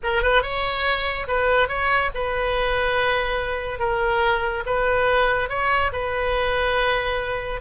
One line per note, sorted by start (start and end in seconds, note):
0.03 0.22 A#4
0.22 0.42 B4
0.42 1.26 C#5
1.27 1.68 B4
1.68 2.10 C#5
2.14 3.79 B4
3.79 4.63 A#4
4.65 5.49 B4
5.49 5.91 C#5
5.92 7.60 B4